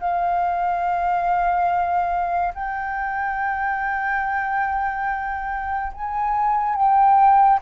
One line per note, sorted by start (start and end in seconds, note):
0.00 2.54 F5
2.55 5.93 G5
5.93 6.75 G#5
6.75 7.60 G5